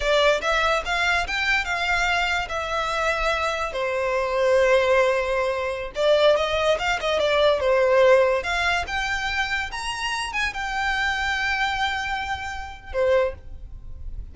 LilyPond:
\new Staff \with { instrumentName = "violin" } { \time 4/4 \tempo 4 = 144 d''4 e''4 f''4 g''4 | f''2 e''2~ | e''4 c''2.~ | c''2~ c''16 d''4 dis''8.~ |
dis''16 f''8 dis''8 d''4 c''4.~ c''16~ | c''16 f''4 g''2 ais''8.~ | ais''8. gis''8 g''2~ g''8.~ | g''2. c''4 | }